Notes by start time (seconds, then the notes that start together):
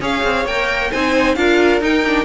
0.00 C#4 G#4 C#5 F5
0.23 C4
0.45 A#3 A#4 G5
0.90 C4 D#4 C5 G#5
1.35 D4 F4 A#4 F5
1.80 D#4 G5
2.06 D4